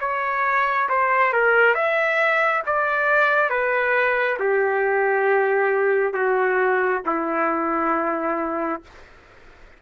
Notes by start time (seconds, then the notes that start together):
0.00 C#5
0.89 C5
1.33 A#4
1.74 E5
2.66 D5
3.49 B4
4.40 G4
6.13 F#4
7.05 E4